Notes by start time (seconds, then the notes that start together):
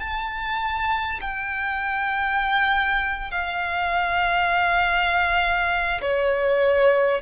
0.00 A5
1.21 G5
3.32 F5
6.02 C#5